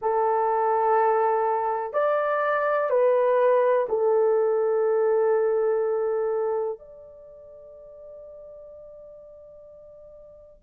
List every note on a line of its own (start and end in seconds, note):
0.01 1.93 A4
1.93 2.89 D5
2.90 3.87 B4
3.88 6.78 A4
6.78 10.63 D5